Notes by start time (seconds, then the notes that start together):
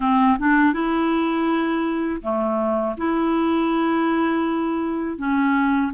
0.00 C4
0.38 D4
0.73 E4
2.22 A3
2.97 E4
5.18 C#4